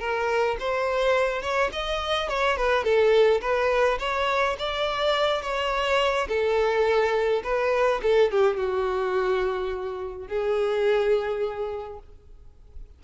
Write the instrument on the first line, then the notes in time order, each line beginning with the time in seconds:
violin
0.00 A#4
0.60 C5
1.42 C#5
1.73 D#5
2.29 C#5
2.57 B4
2.84 A4
3.42 B4
4.00 C#5
4.59 D5
5.42 C#5
6.29 A4
7.44 B4
8.03 A4
8.32 G4
8.57 F#4
10.28 G#4